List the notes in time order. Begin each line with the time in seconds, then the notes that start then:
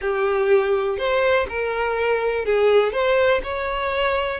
0.01 G4
0.98 C5
1.48 A#4
2.45 G#4
2.92 C5
3.43 C#5